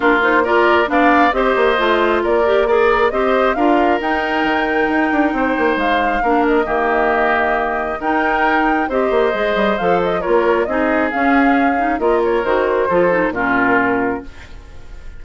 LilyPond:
<<
  \new Staff \with { instrumentName = "flute" } { \time 4/4 \tempo 4 = 135 ais'8 c''8 d''4 f''4 dis''4~ | dis''4 d''4 ais'4 dis''4 | f''4 g''2.~ | g''4 f''4. dis''4.~ |
dis''2 g''2 | dis''2 f''8 dis''8 cis''4 | dis''4 f''2 dis''8 cis''8 | c''2 ais'2 | }
  \new Staff \with { instrumentName = "oboe" } { \time 4/4 f'4 ais'4 d''4 c''4~ | c''4 ais'4 d''4 c''4 | ais'1 | c''2 ais'4 g'4~ |
g'2 ais'2 | c''2. ais'4 | gis'2. ais'4~ | ais'4 a'4 f'2 | }
  \new Staff \with { instrumentName = "clarinet" } { \time 4/4 d'8 dis'8 f'4 d'4 g'4 | f'4. g'8 gis'4 g'4 | f'4 dis'2.~ | dis'2 d'4 ais4~ |
ais2 dis'2 | g'4 gis'4 a'4 f'4 | dis'4 cis'4. dis'8 f'4 | fis'4 f'8 dis'8 cis'2 | }
  \new Staff \with { instrumentName = "bassoon" } { \time 4/4 ais2 b4 c'8 ais8 | a4 ais2 c'4 | d'4 dis'4 dis4 dis'8 d'8 | c'8 ais8 gis4 ais4 dis4~ |
dis2 dis'2 | c'8 ais8 gis8 g8 f4 ais4 | c'4 cis'2 ais4 | dis4 f4 ais,2 | }
>>